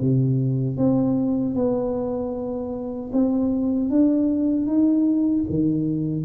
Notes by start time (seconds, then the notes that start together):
0.00 C3
0.77 C4
1.55 B3
3.12 C4
3.90 D4
4.66 D#4
5.49 D#3